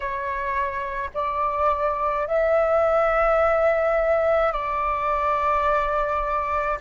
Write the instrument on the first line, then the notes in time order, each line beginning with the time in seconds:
flute
0.00 C#5
1.14 D5
2.27 E5
4.52 D5